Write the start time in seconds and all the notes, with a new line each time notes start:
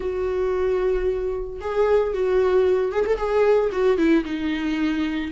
0.00 F#4
1.60 G#4
2.13 F#4
2.92 G#4
3.06 A4
3.17 G#4
3.72 F#4
3.97 E4
4.25 D#4